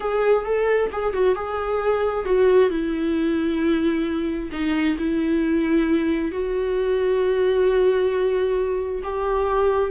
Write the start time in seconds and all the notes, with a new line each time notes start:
0.00 G#4
0.45 A4
0.91 G#4
1.13 F#4
1.35 G#4
2.25 F#4
2.69 E4
4.51 D#4
4.97 E4
6.31 F#4
9.03 G4